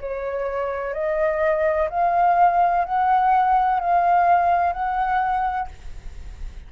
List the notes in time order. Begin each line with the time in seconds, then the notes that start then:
0.00 C#5
0.94 D#5
1.89 F5
2.84 F#5
3.80 F5
4.72 F#5